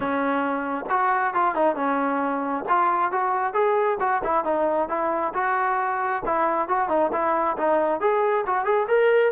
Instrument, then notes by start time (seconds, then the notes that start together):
trombone
0.00 C#4
0.89 F#4
1.34 F4
1.54 D#4
1.75 C#4
2.68 F4
3.11 F#4
3.53 G#4
4.00 F#4
4.24 E4
4.44 D#4
4.88 E4
5.34 F#4
6.25 E4
6.68 F#4
6.88 D#4
7.12 E4
7.57 D#4
8.00 G#4
8.46 F#4
8.64 G#4
8.88 A#4